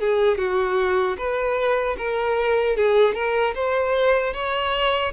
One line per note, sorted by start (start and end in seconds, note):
0.00 0.38 G#4
0.38 1.17 F#4
1.18 1.97 B4
1.98 2.76 A#4
2.76 3.15 G#4
3.15 3.54 A#4
3.55 4.34 C5
4.34 5.13 C#5